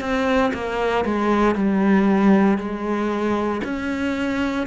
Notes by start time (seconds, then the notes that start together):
0.00 C4
0.53 A#3
1.04 G#3
1.55 G3
2.58 G#3
3.64 C#4